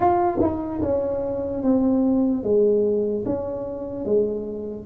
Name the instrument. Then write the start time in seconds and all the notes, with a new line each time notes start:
tuba
0.00 F4
0.41 D#4
0.81 C#4
1.62 C4
2.43 G#3
3.25 C#4
4.05 G#3